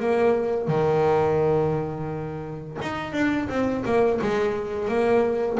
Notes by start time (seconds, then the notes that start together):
0.00 A#3
0.68 D#3
2.82 D#4
3.13 D4
3.49 C4
3.85 A#3
4.21 G#3
4.88 A#3